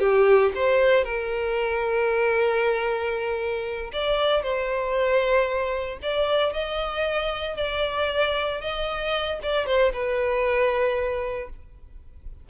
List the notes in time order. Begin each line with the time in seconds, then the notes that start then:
0.00 G4
0.55 C5
1.05 A#4
3.93 D5
4.43 C5
6.03 D5
6.54 D#5
7.57 D5
8.62 D#5
9.43 D5
9.67 C5
9.93 B4